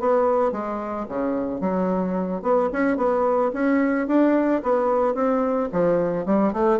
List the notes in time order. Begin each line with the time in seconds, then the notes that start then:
0.00 B3
0.52 G#3
1.08 C#3
1.61 F#3
2.42 B3
2.73 C#4
2.97 B3
3.54 C#4
4.08 D4
4.63 B3
5.14 C4
5.72 F3
6.26 G3
6.53 A3